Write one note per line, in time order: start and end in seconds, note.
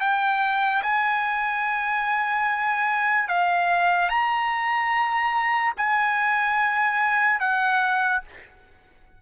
0.00 0.82 G5
0.83 3.28 G#5
3.28 4.09 F5
4.09 5.73 A#5
5.77 7.40 G#5
7.40 8.22 F#5